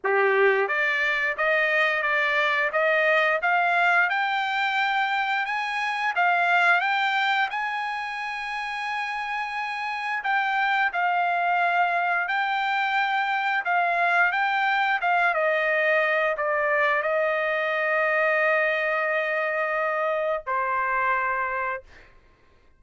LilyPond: \new Staff \with { instrumentName = "trumpet" } { \time 4/4 \tempo 4 = 88 g'4 d''4 dis''4 d''4 | dis''4 f''4 g''2 | gis''4 f''4 g''4 gis''4~ | gis''2. g''4 |
f''2 g''2 | f''4 g''4 f''8 dis''4. | d''4 dis''2.~ | dis''2 c''2 | }